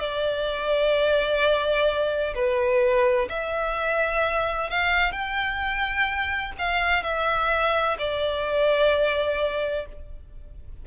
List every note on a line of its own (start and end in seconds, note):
0.00 2.34 D5
2.35 3.29 B4
3.30 4.70 E5
4.70 5.12 F5
5.12 6.53 G5
6.59 7.04 F5
7.04 7.97 E5
7.99 9.86 D5